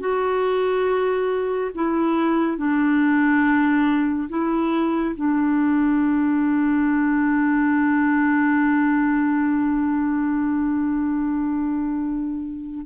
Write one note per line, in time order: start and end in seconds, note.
0.00 1.71 F#4
1.75 2.58 E4
2.58 4.29 D4
4.29 5.15 E4
5.16 12.86 D4